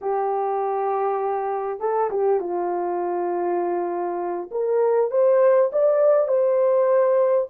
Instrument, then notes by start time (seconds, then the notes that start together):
horn
0.01 G4
1.79 A4
2.10 G4
2.40 F4
4.51 A#4
5.10 C5
5.72 D5
6.28 C5